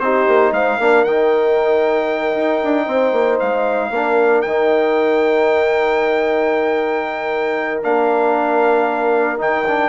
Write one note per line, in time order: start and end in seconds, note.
0.00 0.26 C4
0.00 0.81 D#4
0.00 0.54 G4
0.00 0.52 C5
0.28 0.52 A#3
0.52 0.78 G#3
0.52 0.77 C5
0.52 1.04 F5
0.77 1.05 A#3
0.77 1.07 D4
0.77 2.86 A#4
1.04 2.35 D#3
1.04 3.94 D#4
1.04 3.39 G5
2.36 2.62 D#4
2.64 2.87 D4
2.86 3.13 C4
2.86 3.90 C5
3.13 3.39 A#3
3.40 3.91 G#3
3.40 4.42 F5
3.91 4.43 A#3
3.91 4.46 D4
3.91 9.89 A#4
4.42 7.84 D#3
4.42 7.83 D#4
4.42 7.81 G5
7.83 9.41 A#3
7.83 9.38 D4
7.83 9.40 F5
9.38 9.89 D#3
9.38 9.64 D#4
9.38 9.89 G5
9.67 9.89 D4